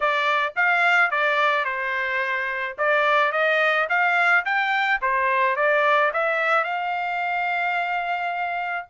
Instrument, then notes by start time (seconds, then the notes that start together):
trumpet
0.00 D5
0.56 F5
1.10 D5
1.64 C5
2.78 D5
3.32 D#5
3.89 F5
4.45 G5
5.02 C5
5.56 D5
6.13 E5
6.63 F5